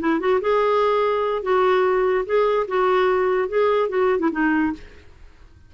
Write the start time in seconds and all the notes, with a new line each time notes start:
0.00 E4
0.20 F#4
0.41 G#4
1.43 F#4
2.26 G#4
2.68 F#4
3.49 G#4
3.89 F#4
4.20 E4
4.32 D#4